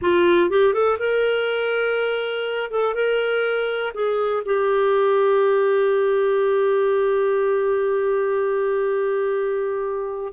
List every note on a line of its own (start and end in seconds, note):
0.01 0.50 F4
0.50 0.73 G4
0.73 0.98 A4
0.99 2.70 A#4
2.70 2.94 A4
2.94 3.92 A#4
3.94 4.43 G#4
4.45 10.33 G4